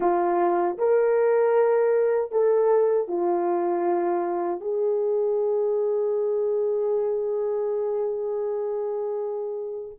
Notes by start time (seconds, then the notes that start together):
0.00 F4
0.78 A#4
2.31 A4
3.08 F4
4.60 G#4